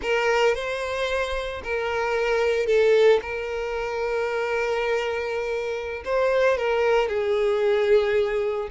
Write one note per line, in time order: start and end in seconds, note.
0.01 0.55 A#4
0.55 1.62 C5
1.63 2.66 A#4
2.66 3.19 A4
3.21 6.03 A#4
6.04 6.57 C5
6.57 7.08 A#4
7.08 8.69 G#4